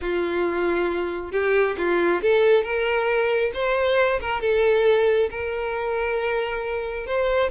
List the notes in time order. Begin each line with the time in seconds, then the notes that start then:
0.01 F4
1.31 G4
1.77 F4
2.22 A4
2.63 A#4
3.54 C5
4.20 A#4
4.41 A4
5.30 A#4
7.06 C5